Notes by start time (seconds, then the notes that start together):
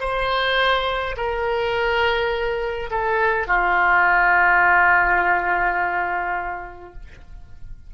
0.00 C5
1.16 A#4
2.90 A4
3.47 F4